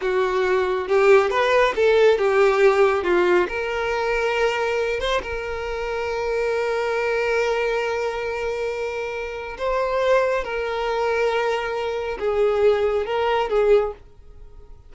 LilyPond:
\new Staff \with { instrumentName = "violin" } { \time 4/4 \tempo 4 = 138 fis'2 g'4 b'4 | a'4 g'2 f'4 | ais'2.~ ais'8 c''8 | ais'1~ |
ais'1~ | ais'2 c''2 | ais'1 | gis'2 ais'4 gis'4 | }